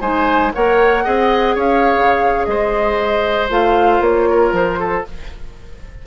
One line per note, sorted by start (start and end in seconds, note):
0.00 0.52 G#3
0.00 0.53 D#4
0.00 0.52 C5
0.00 0.52 G#5
0.53 1.06 A#3
0.53 1.03 A#4
0.53 1.04 C#5
0.53 1.57 F#5
1.03 1.55 C4
1.03 3.49 G#4
1.03 1.55 D#5
1.55 1.94 C#4
1.55 2.45 C#5
1.55 2.45 F5
1.97 2.47 C#3
2.45 3.49 G#3
2.45 4.29 C5
2.45 3.48 D#5
3.49 4.00 A3
3.49 5.05 F4
3.49 4.02 F5
4.00 4.52 A#3
4.00 4.54 C#5
4.29 4.79 A#4
4.52 5.04 F3
4.52 5.06 C5
4.79 5.05 A4